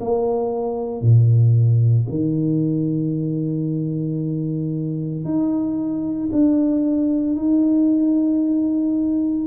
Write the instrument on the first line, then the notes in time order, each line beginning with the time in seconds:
tuba
0.00 A#3
1.01 A#2
2.09 D#3
5.24 D#4
6.32 D4
7.36 D#4